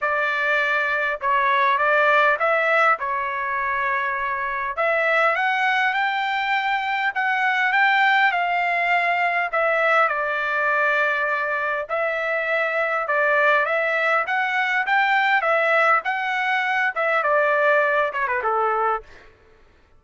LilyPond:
\new Staff \with { instrumentName = "trumpet" } { \time 4/4 \tempo 4 = 101 d''2 cis''4 d''4 | e''4 cis''2. | e''4 fis''4 g''2 | fis''4 g''4 f''2 |
e''4 d''2. | e''2 d''4 e''4 | fis''4 g''4 e''4 fis''4~ | fis''8 e''8 d''4. cis''16 b'16 a'4 | }